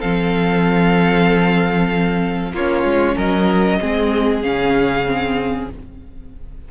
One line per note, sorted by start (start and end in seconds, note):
0.00 2.52 F3
0.00 2.54 C4
0.00 2.53 A4
0.00 2.53 F5
2.52 2.84 A#3
2.52 3.81 C#4
2.52 3.15 F4
2.52 3.17 C#5
2.84 3.15 G#3
3.15 3.80 F#3
3.15 3.78 A#4
3.15 4.42 D#5
3.81 4.44 G#3
3.81 4.42 C4
3.81 5.70 G#4
4.42 5.71 C#3
4.42 5.06 C#4
4.42 5.69 F5
5.06 5.69 C4